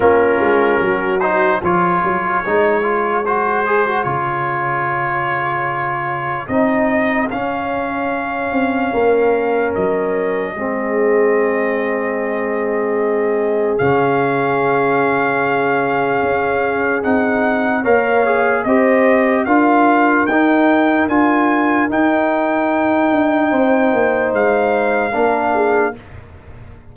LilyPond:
<<
  \new Staff \with { instrumentName = "trumpet" } { \time 4/4 \tempo 4 = 74 ais'4. c''8 cis''2 | c''4 cis''2. | dis''4 f''2. | dis''1~ |
dis''4 f''2.~ | f''4 fis''4 f''4 dis''4 | f''4 g''4 gis''4 g''4~ | g''2 f''2 | }
  \new Staff \with { instrumentName = "horn" } { \time 4/4 f'4 fis'4 gis'2~ | gis'1~ | gis'2. ais'4~ | ais'4 gis'2.~ |
gis'1~ | gis'2 cis''4 c''4 | ais'1~ | ais'4 c''2 ais'8 gis'8 | }
  \new Staff \with { instrumentName = "trombone" } { \time 4/4 cis'4. dis'8 f'4 dis'8 f'8 | fis'8 gis'16 fis'16 f'2. | dis'4 cis'2.~ | cis'4 c'2.~ |
c'4 cis'2.~ | cis'4 dis'4 ais'8 gis'8 g'4 | f'4 dis'4 f'4 dis'4~ | dis'2. d'4 | }
  \new Staff \with { instrumentName = "tuba" } { \time 4/4 ais8 gis8 fis4 f8 fis8 gis4~ | gis4 cis2. | c'4 cis'4. c'8 ais4 | fis4 gis2.~ |
gis4 cis2. | cis'4 c'4 ais4 c'4 | d'4 dis'4 d'4 dis'4~ | dis'8 d'8 c'8 ais8 gis4 ais4 | }
>>